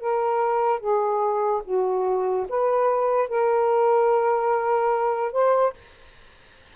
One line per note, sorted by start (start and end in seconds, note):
0.00 0.80 A#4
0.80 1.62 G#4
1.64 2.47 F#4
2.48 3.28 B4
3.28 5.32 A#4
5.32 5.73 C5